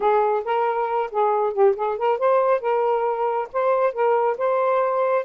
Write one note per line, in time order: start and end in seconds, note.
0.00 0.44 G#4
0.44 1.10 A#4
1.11 1.53 G#4
1.53 1.75 G4
1.76 1.97 G#4
1.98 2.18 A#4
2.18 2.61 C5
2.61 3.48 A#4
3.53 3.93 C5
3.93 4.37 A#4
4.37 5.25 C5